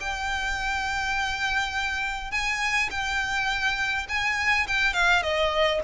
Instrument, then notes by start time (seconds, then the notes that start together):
violin
0.00 G5
2.31 G#5
2.90 G5
4.09 G#5
4.67 G5
4.93 F5
5.22 D#5